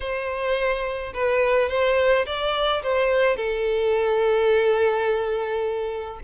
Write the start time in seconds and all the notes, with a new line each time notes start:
0.00 C5
1.13 B4
1.69 C5
2.26 D5
2.83 C5
3.36 A4